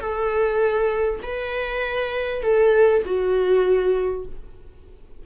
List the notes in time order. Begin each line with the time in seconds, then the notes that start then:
0.00 A4
1.23 B4
2.42 A4
3.05 F#4